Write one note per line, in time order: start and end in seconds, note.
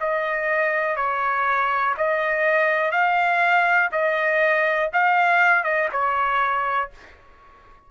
0.00 0.96 D#5
0.96 1.94 C#5
1.97 2.91 D#5
2.91 3.89 F5
3.92 4.90 D#5
4.93 5.64 F5
5.64 5.88 D#5
5.92 6.90 C#5